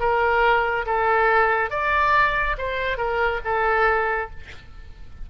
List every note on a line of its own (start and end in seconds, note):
0.00 0.86 A#4
0.86 1.71 A4
1.71 2.56 D5
2.58 2.98 C5
2.98 3.41 A#4
3.45 4.31 A4